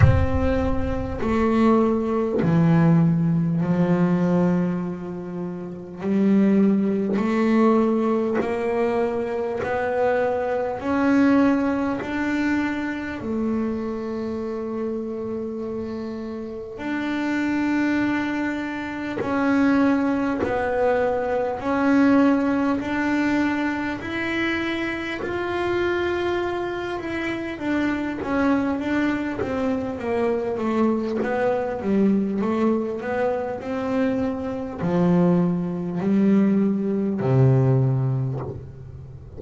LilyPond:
\new Staff \with { instrumentName = "double bass" } { \time 4/4 \tempo 4 = 50 c'4 a4 e4 f4~ | f4 g4 a4 ais4 | b4 cis'4 d'4 a4~ | a2 d'2 |
cis'4 b4 cis'4 d'4 | e'4 f'4. e'8 d'8 cis'8 | d'8 c'8 ais8 a8 b8 g8 a8 b8 | c'4 f4 g4 c4 | }